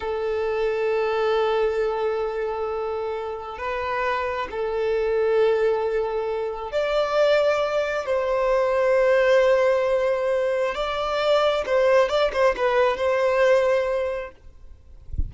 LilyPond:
\new Staff \with { instrumentName = "violin" } { \time 4/4 \tempo 4 = 134 a'1~ | a'1 | b'2 a'2~ | a'2. d''4~ |
d''2 c''2~ | c''1 | d''2 c''4 d''8 c''8 | b'4 c''2. | }